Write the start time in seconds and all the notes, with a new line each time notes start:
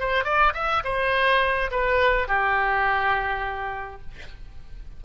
0.00 C5
0.24 D5
0.54 E5
0.84 C5
1.71 B4
2.28 G4